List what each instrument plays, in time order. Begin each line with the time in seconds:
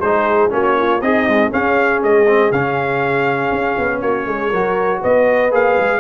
0.00 tuba G#3, trombone D#4, horn G#4, trumpet C5
0.50 tuba A#3, trombone C#4, horn F#4, trumpet C#5
0.78 horn F4
1.01 tuba C4, horn D#4, trombone G#4, trumpet D#5
1.29 trombone G#3
1.50 trombone C#4, tuba C#4, horn G#4, trumpet F5
2.03 tuba G#3, trumpet D#5
2.27 trombone C4
2.51 tuba C#3, trombone C#4, trumpet F5
3.52 tuba C#4
3.78 tuba B3
4.01 tuba A#3, horn F#4, trumpet C#5
4.27 tuba G#3, horn G#4
4.49 tuba F#3, trombone F#4, horn A#4
5.01 tuba B3, horn B4, trumpet D#5
5.51 tuba A#3, trombone G#4, trumpet F5
5.78 tuba G#3